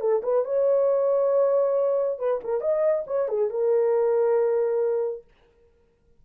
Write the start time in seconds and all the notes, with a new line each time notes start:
0.00 A4
0.23 B4
0.44 C#5
2.19 B4
2.44 A#4
2.61 D#5
3.07 C#5
3.28 G#4
3.50 A#4